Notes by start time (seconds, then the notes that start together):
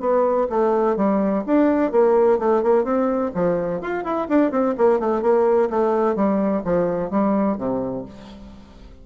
0.00 B3
0.50 A3
0.96 G3
1.46 D4
1.92 A#3
2.39 A3
2.63 A#3
2.84 C4
3.34 F3
3.81 F4
4.04 E4
4.29 D4
4.51 C4
4.77 A#3
4.99 A3
5.22 A#3
5.70 A3
6.16 G3
6.64 F3
7.10 G3
7.57 C3